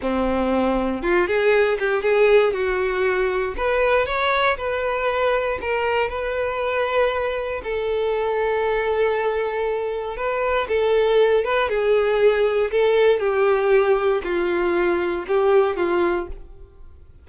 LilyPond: \new Staff \with { instrumentName = "violin" } { \time 4/4 \tempo 4 = 118 c'2 f'8 gis'4 g'8 | gis'4 fis'2 b'4 | cis''4 b'2 ais'4 | b'2. a'4~ |
a'1 | b'4 a'4. b'8 gis'4~ | gis'4 a'4 g'2 | f'2 g'4 f'4 | }